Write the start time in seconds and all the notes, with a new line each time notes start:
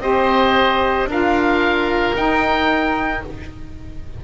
0.00 C4 G4 C5 D#5
1.06 D4 F4 A#4 F5
2.14 D#4 G5